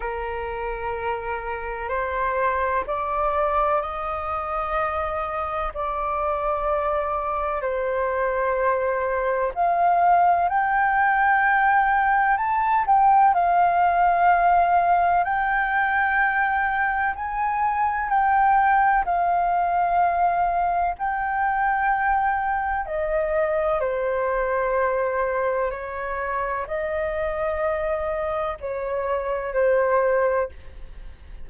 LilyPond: \new Staff \with { instrumentName = "flute" } { \time 4/4 \tempo 4 = 63 ais'2 c''4 d''4 | dis''2 d''2 | c''2 f''4 g''4~ | g''4 a''8 g''8 f''2 |
g''2 gis''4 g''4 | f''2 g''2 | dis''4 c''2 cis''4 | dis''2 cis''4 c''4 | }